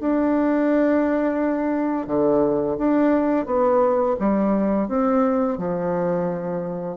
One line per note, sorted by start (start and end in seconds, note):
0.00 2.07 D4
2.07 2.77 D3
2.78 3.46 D4
3.46 4.15 B3
4.19 4.88 G3
4.88 5.58 C4
5.58 6.97 F3